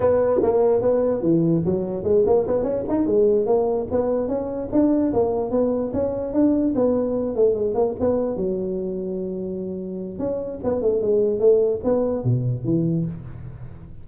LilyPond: \new Staff \with { instrumentName = "tuba" } { \time 4/4 \tempo 4 = 147 b4 ais4 b4 e4 | fis4 gis8 ais8 b8 cis'8 dis'8 gis8~ | gis8 ais4 b4 cis'4 d'8~ | d'8 ais4 b4 cis'4 d'8~ |
d'8 b4. a8 gis8 ais8 b8~ | b8 fis2.~ fis8~ | fis4 cis'4 b8 a8 gis4 | a4 b4 b,4 e4 | }